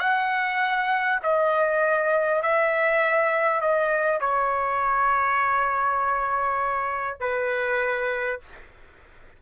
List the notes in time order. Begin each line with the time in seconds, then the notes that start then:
0.00 F#5
1.23 D#5
2.43 E5
3.61 D#5
4.21 C#5
7.20 B4